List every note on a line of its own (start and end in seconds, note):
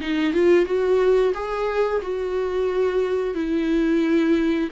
0.00 0.33 D#4
0.33 0.65 F4
0.65 1.32 F#4
1.34 2.01 G#4
2.02 3.34 F#4
3.34 4.69 E4